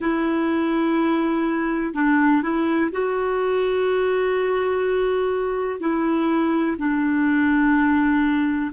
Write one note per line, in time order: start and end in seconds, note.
0.00 1.94 E4
1.94 2.42 D4
2.42 2.90 E4
2.91 5.79 F#4
5.79 6.76 E4
6.77 8.71 D4